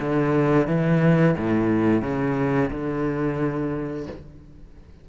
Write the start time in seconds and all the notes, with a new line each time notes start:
0.00 D3
0.67 E3
1.37 A2
2.02 C#3
2.71 D3